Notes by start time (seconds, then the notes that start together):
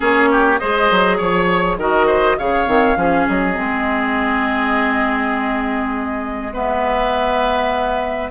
0.00 A#3 C#4 G#4 C#5
0.31 G4
0.59 G#3 G#4 C5 D#5
0.90 F#3
1.17 F3 C#5
1.77 D#3 F#4 A#4 D#5
2.06 C5
2.38 C#3 G#4 C#5 F5
2.66 D#3 C4
2.95 F3 C#4 G#4
3.28 F#3 D#5
3.54 G#3 C4
6.53 B3 B4 E5